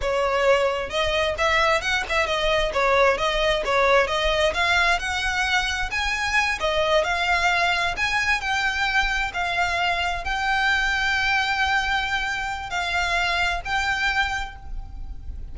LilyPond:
\new Staff \with { instrumentName = "violin" } { \time 4/4 \tempo 4 = 132 cis''2 dis''4 e''4 | fis''8 e''8 dis''4 cis''4 dis''4 | cis''4 dis''4 f''4 fis''4~ | fis''4 gis''4. dis''4 f''8~ |
f''4. gis''4 g''4.~ | g''8 f''2 g''4.~ | g''1 | f''2 g''2 | }